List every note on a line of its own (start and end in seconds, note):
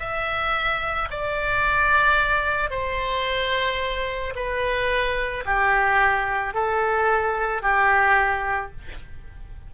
0.00 1.09 E5
1.11 2.71 D5
2.71 4.34 C5
4.36 5.45 B4
5.45 6.54 G4
6.54 7.63 A4
7.63 8.72 G4